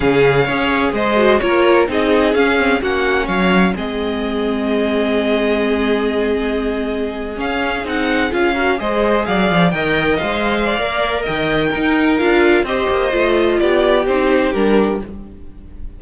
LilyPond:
<<
  \new Staff \with { instrumentName = "violin" } { \time 4/4 \tempo 4 = 128 f''2 dis''4 cis''4 | dis''4 f''4 fis''4 f''4 | dis''1~ | dis''2.~ dis''8. f''16~ |
f''8. fis''4 f''4 dis''4 f''16~ | f''8. g''4 f''2~ f''16 | g''2 f''4 dis''4~ | dis''4 d''4 c''4 ais'4 | }
  \new Staff \with { instrumentName = "violin" } { \time 4/4 gis'4 cis''4 c''4 ais'4 | gis'2 fis'4 cis''4 | gis'1~ | gis'1~ |
gis'2~ gis'16 ais'8 c''4 d''16~ | d''8. dis''2 d''4~ d''16 | dis''4 ais'2 c''4~ | c''4 g'2. | }
  \new Staff \with { instrumentName = "viola" } { \time 4/4 cis'4 gis'4. fis'8 f'4 | dis'4 cis'8 c'8 cis'2 | c'1~ | c'2.~ c'8. cis'16~ |
cis'8. dis'4 f'8 fis'8 gis'4~ gis'16~ | gis'8. ais'4 c''4~ c''16 ais'4~ | ais'4 dis'4 f'4 g'4 | f'2 dis'4 d'4 | }
  \new Staff \with { instrumentName = "cello" } { \time 4/4 cis4 cis'4 gis4 ais4 | c'4 cis'4 ais4 fis4 | gis1~ | gis2.~ gis8. cis'16~ |
cis'8. c'4 cis'4 gis4 fis16~ | fis16 f8 dis4 gis4~ gis16 ais4 | dis4 dis'4 d'4 c'8 ais8 | a4 b4 c'4 g4 | }
>>